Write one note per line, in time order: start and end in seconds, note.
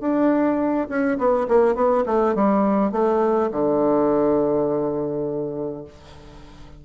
0.00 0.87 D4
0.88 1.18 C#4
1.18 1.47 B3
1.48 1.75 A#3
1.75 2.04 B3
2.05 2.35 A3
2.35 2.92 G3
2.92 3.50 A3
3.51 5.84 D3